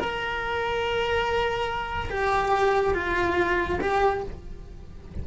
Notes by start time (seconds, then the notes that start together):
0.00 A#4
2.10 G4
2.94 F4
3.81 G4